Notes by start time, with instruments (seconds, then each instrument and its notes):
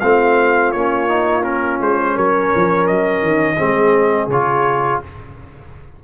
0.00 tuba A3, trombone C4, horn F4, trumpet F5
0.72 tuba A#3, trombone C#4, trumpet C#5
1.08 trombone D#4
1.42 trombone C#4, trumpet A#4
1.80 tuba G#3, trumpet C5
2.14 tuba F#3, horn A#4, trumpet C#5
2.55 tuba F3
2.86 tuba F#3, trumpet D#5
3.22 tuba D#3
3.57 tuba G#3, trombone C4, horn G#4
4.27 tuba C#3, trombone F4, trumpet C#5